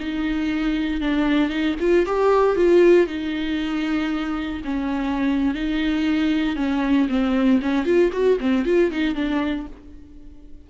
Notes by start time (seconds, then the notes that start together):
0.00 D#4
1.01 D4
1.50 D#4
1.80 F4
2.06 G4
2.57 F4
3.07 D#4
4.65 C#4
5.55 D#4
6.56 C#4
7.09 C4
7.62 C#4
7.86 F4
8.13 F#4
8.41 C4
8.66 F4
8.92 D#4
9.15 D4